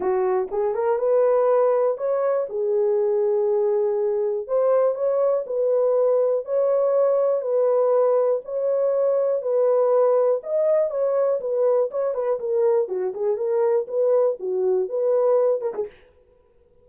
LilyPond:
\new Staff \with { instrumentName = "horn" } { \time 4/4 \tempo 4 = 121 fis'4 gis'8 ais'8 b'2 | cis''4 gis'2.~ | gis'4 c''4 cis''4 b'4~ | b'4 cis''2 b'4~ |
b'4 cis''2 b'4~ | b'4 dis''4 cis''4 b'4 | cis''8 b'8 ais'4 fis'8 gis'8 ais'4 | b'4 fis'4 b'4. ais'16 gis'16 | }